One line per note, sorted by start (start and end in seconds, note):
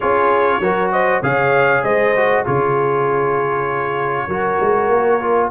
0.00 0.59 C#4
0.00 0.62 F4
0.00 0.60 G#4
0.00 0.91 C#5
0.59 1.20 F#3
0.59 1.23 F#4
0.59 0.91 A#4
0.91 1.22 C5
0.91 1.22 D#5
1.22 1.82 C#3
1.22 2.14 G#4
1.22 1.83 C#5
1.22 1.83 F5
1.82 2.44 G#3
1.82 2.44 C5
1.82 2.44 D#5
2.15 2.45 F#4
2.45 4.28 C#3
2.45 4.29 F4
2.45 4.26 G#4
2.45 5.51 C#5
4.26 4.58 F#3
4.26 5.21 F#4
4.26 5.48 A#4
4.60 4.88 G#3
4.88 5.50 A#3
5.21 5.51 F4